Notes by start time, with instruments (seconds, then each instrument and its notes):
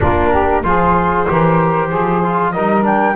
0.00 double bass A#3, trombone D4, saxophone F4, flute A#4
0.31 saxophone G4
0.62 double bass F3, trombone F4, saxophone G#4, flute C5
1.27 double bass E3, trombone G4, saxophone A#4
1.88 double bass F3, saxophone G#4
2.23 trombone F4
2.51 double bass G3, trombone D#4, saxophone A#4, flute D#5
2.82 trombone D4, flute G5